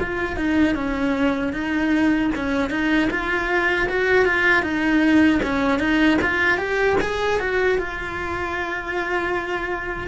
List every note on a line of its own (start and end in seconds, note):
0.00 0.36 F4
0.36 0.75 D#4
0.75 1.53 C#4
1.53 2.31 D#4
2.35 2.70 C#4
2.70 3.09 D#4
3.10 3.88 F4
3.89 4.25 F#4
4.25 4.63 F4
4.63 5.40 D#4
5.43 5.79 C#4
5.79 6.18 D#4
6.22 6.58 F4
6.58 6.97 G4
7.01 7.40 G#4
7.40 7.79 F#4
7.79 10.08 F4